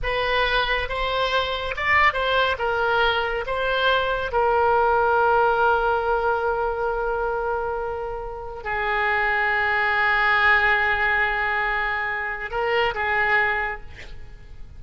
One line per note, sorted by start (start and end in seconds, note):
0.02 0.88 B4
0.88 1.75 C5
1.76 2.13 D5
2.13 2.56 C5
2.58 3.45 A#4
3.46 4.31 C5
4.31 8.63 A#4
8.63 12.50 G#4
12.50 12.94 A#4
12.94 13.80 G#4